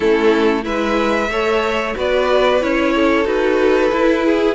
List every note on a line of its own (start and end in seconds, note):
0.00 0.65 A3
0.00 0.62 C#4
0.00 0.62 E4
0.00 0.64 A4
0.62 1.29 G#3
0.62 1.27 E4
0.62 1.30 B4
0.62 1.95 E5
1.29 1.94 A3
1.29 1.95 A4
1.29 1.96 C#5
1.95 2.62 B3
1.95 2.60 F#4
1.95 2.93 B4
1.95 2.62 D5
2.60 3.25 C#4
2.60 3.24 E4
2.60 3.26 C#5
2.95 4.25 A4
3.24 3.90 D#4
3.24 3.90 F#4
3.24 4.55 B4
3.91 4.55 E4
4.25 4.55 G#4